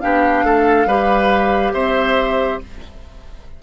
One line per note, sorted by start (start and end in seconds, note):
0.00 0.43 B3
0.00 0.88 D4
0.00 0.45 G4
0.00 1.73 F5
0.43 0.86 A3
0.43 0.87 A4
0.86 1.73 G3
0.86 2.62 G4
0.86 1.73 B4
1.73 2.60 C4
1.73 2.60 C5
1.73 2.60 E5